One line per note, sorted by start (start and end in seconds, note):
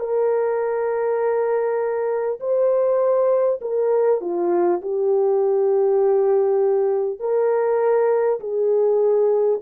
0.00 2.40 A#4
2.40 3.60 C5
3.62 4.21 A#4
4.21 4.81 F4
4.82 7.19 G4
7.19 8.39 A#4
8.40 9.60 G#4